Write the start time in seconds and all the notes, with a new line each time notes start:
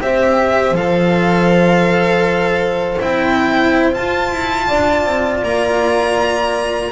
0.00 C4 G4 C5 E5
0.72 F3 A4 F5
3.00 C4 E4 G5
3.91 F4 A5
4.32 E4
4.67 D4 D5
5.05 C4
5.43 A#3 A#5